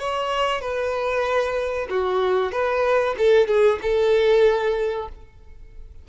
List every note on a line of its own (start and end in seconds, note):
0.00 0.61 C#5
0.61 1.87 B4
1.90 2.52 F#4
2.52 3.16 B4
3.18 3.48 A4
3.48 3.79 G#4
3.82 5.08 A4